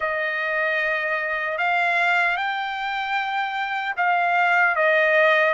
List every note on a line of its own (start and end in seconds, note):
0.00 1.58 D#5
1.58 2.36 F5
2.36 3.94 G5
3.97 4.75 F5
4.75 5.53 D#5